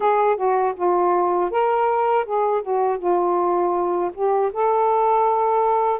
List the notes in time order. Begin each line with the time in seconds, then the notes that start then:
0.00 G#4
0.36 F#4
0.76 F4
1.50 A#4
2.25 G#4
2.62 F#4
2.98 F4
4.14 G4
4.52 A4